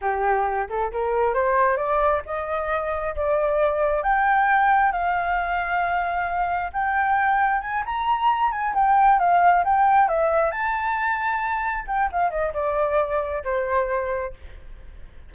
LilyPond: \new Staff \with { instrumentName = "flute" } { \time 4/4 \tempo 4 = 134 g'4. a'8 ais'4 c''4 | d''4 dis''2 d''4~ | d''4 g''2 f''4~ | f''2. g''4~ |
g''4 gis''8 ais''4. gis''8 g''8~ | g''8 f''4 g''4 e''4 a''8~ | a''2~ a''8 g''8 f''8 dis''8 | d''2 c''2 | }